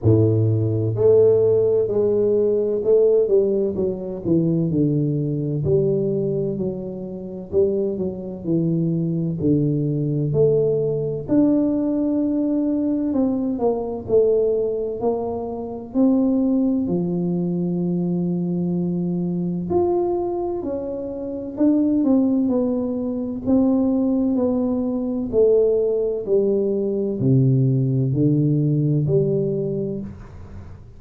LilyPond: \new Staff \with { instrumentName = "tuba" } { \time 4/4 \tempo 4 = 64 a,4 a4 gis4 a8 g8 | fis8 e8 d4 g4 fis4 | g8 fis8 e4 d4 a4 | d'2 c'8 ais8 a4 |
ais4 c'4 f2~ | f4 f'4 cis'4 d'8 c'8 | b4 c'4 b4 a4 | g4 c4 d4 g4 | }